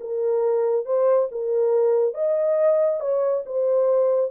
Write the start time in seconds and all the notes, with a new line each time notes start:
0.00 A#4
0.85 C5
1.31 A#4
2.14 D#5
3.00 C#5
3.46 C5